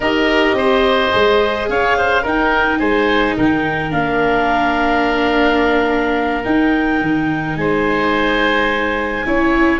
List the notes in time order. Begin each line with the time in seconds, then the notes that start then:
0.00 D#4 G4 A#4 D#5
0.53 C4 C5
1.11 G#3 G#4
1.68 C#4 C#5 F5
1.97 C5
2.22 D#4 A#4 G5
2.78 G#3 C5 G#5
3.37 D#3 A#4 G5
3.90 A#3 D4 F5
6.43 D#4 G5
7.01 D#3
7.56 G#3 C5 G#5
9.25 C#4 E4 C#5